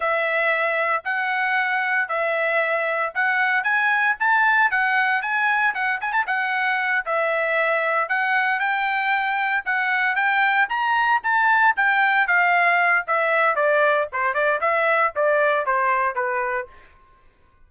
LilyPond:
\new Staff \with { instrumentName = "trumpet" } { \time 4/4 \tempo 4 = 115 e''2 fis''2 | e''2 fis''4 gis''4 | a''4 fis''4 gis''4 fis''8 gis''16 a''16 | fis''4. e''2 fis''8~ |
fis''8 g''2 fis''4 g''8~ | g''8 ais''4 a''4 g''4 f''8~ | f''4 e''4 d''4 c''8 d''8 | e''4 d''4 c''4 b'4 | }